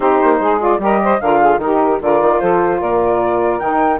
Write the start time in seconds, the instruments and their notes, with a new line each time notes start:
0.00 bassoon C4, saxophone D#4 G4, flute C5
0.23 bassoon A#3
0.40 bassoon G#3, saxophone G#4
0.59 saxophone F4, flute D5
0.78 bassoon G3, saxophone G4 A#4, flute D#5
1.03 saxophone C5
1.20 bassoon D3, saxophone F4 A#4, flute F5
1.40 saxophone G#4
1.57 bassoon D#3, saxophone D#4 G4, flute A#4
2.00 bassoon D3, saxophone F4 A#4, flute D5
2.21 bassoon D#3
2.39 bassoon F3, saxophone A4, flute C5
2.79 bassoon A#2, saxophone A#4, flute D5
3.59 bassoon D#3, saxophone D#4, flute G5